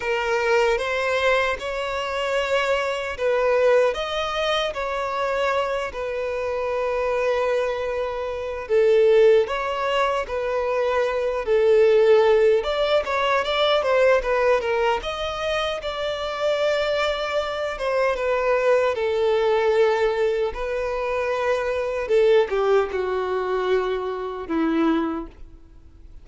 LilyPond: \new Staff \with { instrumentName = "violin" } { \time 4/4 \tempo 4 = 76 ais'4 c''4 cis''2 | b'4 dis''4 cis''4. b'8~ | b'2. a'4 | cis''4 b'4. a'4. |
d''8 cis''8 d''8 c''8 b'8 ais'8 dis''4 | d''2~ d''8 c''8 b'4 | a'2 b'2 | a'8 g'8 fis'2 e'4 | }